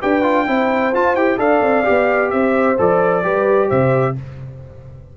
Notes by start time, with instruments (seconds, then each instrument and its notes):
0.00 tuba D4, trombone G4, horn B4, trumpet G5
0.23 trombone F4
0.47 tuba C4, trombone E4, horn C5
0.94 tuba F4, trombone F4, trumpet A5
1.15 tuba E4, trombone G4, trumpet G5
1.38 tuba D4, trombone A4, horn D5, trumpet F5
1.62 tuba C4
1.84 tuba B3, trombone G4
2.30 tuba C4, horn C5, trumpet E5
2.78 tuba F3, trombone A4, trumpet D5
3.23 tuba G3, trombone G4, horn B4
3.69 tuba C3, horn C5, trumpet E5